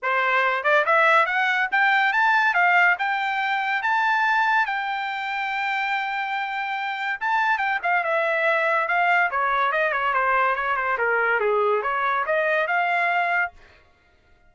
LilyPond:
\new Staff \with { instrumentName = "trumpet" } { \time 4/4 \tempo 4 = 142 c''4. d''8 e''4 fis''4 | g''4 a''4 f''4 g''4~ | g''4 a''2 g''4~ | g''1~ |
g''4 a''4 g''8 f''8 e''4~ | e''4 f''4 cis''4 dis''8 cis''8 | c''4 cis''8 c''8 ais'4 gis'4 | cis''4 dis''4 f''2 | }